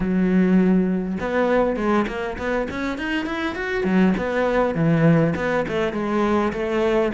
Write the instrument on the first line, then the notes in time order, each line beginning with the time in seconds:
cello
0.00 F#3
1.20 B3
1.76 G#3
2.07 A#3
2.38 B3
2.70 C#4
2.97 D#4
3.26 E4
3.55 F#4
3.84 F#3
4.17 B3
4.74 E3
5.35 B3
5.68 A3
5.92 G#3
6.52 A3